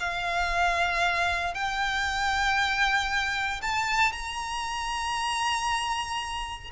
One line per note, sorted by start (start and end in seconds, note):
0.00 1.54 F5
1.54 3.61 G5
3.62 4.12 A5
4.12 6.71 A#5